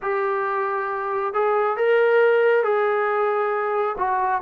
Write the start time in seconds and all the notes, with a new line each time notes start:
0.02 G4
1.33 G#4
1.76 A#4
2.63 G#4
3.97 F#4